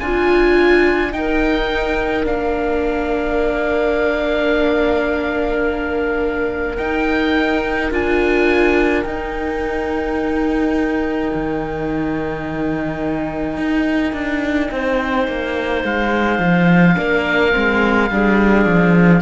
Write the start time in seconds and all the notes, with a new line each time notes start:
0.00 D4 F4 G#5
1.12 D#4 A#4 G5
2.25 A#3 D4 F5
6.77 D#4 G5
7.92 D4 F4 G#5
9.04 D#4 G5
11.34 D#3
13.58 D#4
14.13 D4
14.72 C4 C5
15.28 A#3
15.84 G#3 F5
16.39 F3
16.96 A#3 D4 A#4
17.52 G#3 C4
18.11 G3 D4 G#4
18.66 F3